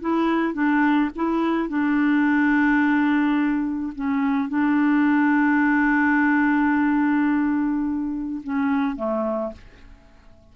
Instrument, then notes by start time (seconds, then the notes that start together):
clarinet
0.00 E4
0.54 D4
1.15 E4
1.68 D4
3.95 C#4
4.49 D4
8.43 C#4
8.96 A3